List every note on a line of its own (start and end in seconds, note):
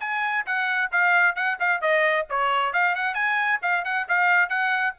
0.00 0.45 G#5
0.46 0.91 F#5
0.92 1.36 F5
1.36 1.58 F#5
1.60 1.81 F5
1.81 2.26 D#5
2.29 2.73 C#5
2.73 2.95 F5
2.95 3.15 F#5
3.15 3.60 G#5
3.62 3.85 F5
3.85 4.07 F#5
4.09 4.49 F5
4.49 4.95 F#5